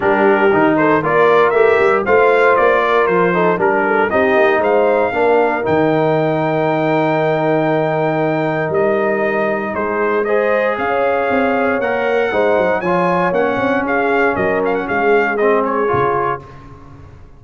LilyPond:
<<
  \new Staff \with { instrumentName = "trumpet" } { \time 4/4 \tempo 4 = 117 ais'4. c''8 d''4 e''4 | f''4 d''4 c''4 ais'4 | dis''4 f''2 g''4~ | g''1~ |
g''4 dis''2 c''4 | dis''4 f''2 fis''4~ | fis''4 gis''4 fis''4 f''4 | dis''8 f''16 fis''16 f''4 dis''8 cis''4. | }
  \new Staff \with { instrumentName = "horn" } { \time 4/4 g'4. a'8 ais'2 | c''4. ais'4 a'8 ais'8 a'8 | g'4 c''4 ais'2~ | ais'1~ |
ais'2. gis'4 | c''4 cis''2. | c''4 cis''2 gis'4 | ais'4 gis'2. | }
  \new Staff \with { instrumentName = "trombone" } { \time 4/4 d'4 dis'4 f'4 g'4 | f'2~ f'8 dis'8 d'4 | dis'2 d'4 dis'4~ | dis'1~ |
dis'1 | gis'2. ais'4 | dis'4 f'4 cis'2~ | cis'2 c'4 f'4 | }
  \new Staff \with { instrumentName = "tuba" } { \time 4/4 g4 dis4 ais4 a8 g8 | a4 ais4 f4 g4 | c'8 ais8 gis4 ais4 dis4~ | dis1~ |
dis4 g2 gis4~ | gis4 cis'4 c'4 ais4 | gis8 fis8 f4 ais8 c'8 cis'4 | fis4 gis2 cis4 | }
>>